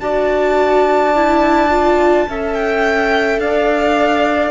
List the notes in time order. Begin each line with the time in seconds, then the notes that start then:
0.00 D4 F#4 D5 A5
1.15 E4
1.71 F4
2.29 C#4 A4 E5
2.54 G5
3.39 D4 D5 F5